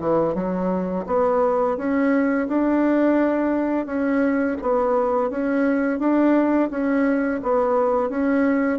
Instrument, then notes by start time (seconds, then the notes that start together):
bassoon
0.00 E3
0.35 F#3
1.07 B3
1.77 C#4
2.48 D4
3.86 C#4
4.62 B3
5.30 C#4
5.99 D4
6.70 C#4
7.43 B3
8.10 C#4